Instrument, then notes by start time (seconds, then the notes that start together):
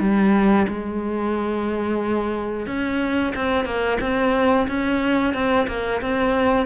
cello
0.00 G3
0.68 G#3
2.67 C#4
3.36 C4
3.65 A#3
4.01 C4
4.68 C#4
5.34 C4
5.68 A#3
6.02 C4